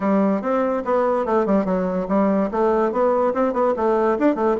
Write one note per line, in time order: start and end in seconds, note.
0.00 0.41 G3
0.41 0.83 C4
0.84 1.25 B3
1.25 1.46 A3
1.46 1.65 G3
1.65 2.07 F#3
2.08 2.50 G3
2.51 2.91 A3
2.91 3.33 B3
3.33 3.53 C4
3.53 3.74 B3
3.76 4.18 A3
4.19 4.35 D4
4.35 4.56 A3